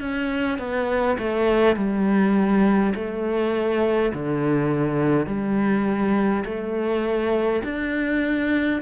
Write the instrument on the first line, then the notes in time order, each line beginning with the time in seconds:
cello
0.00 C#4
0.58 B3
1.18 A3
1.76 G3
2.95 A3
4.13 D3
5.26 G3
6.45 A3
7.64 D4